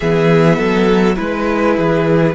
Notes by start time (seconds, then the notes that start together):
0.00 E3 B3 G#4 E5
0.56 F#3 A4
1.15 G#3 E4 B4
1.76 E3 G#4